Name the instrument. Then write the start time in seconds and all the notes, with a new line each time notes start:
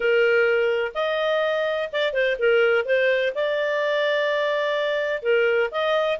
clarinet
0.00 A#4
0.94 D#5
1.92 D5
2.13 C5
2.39 A#4
2.85 C5
3.34 D5
5.22 A#4
5.71 D#5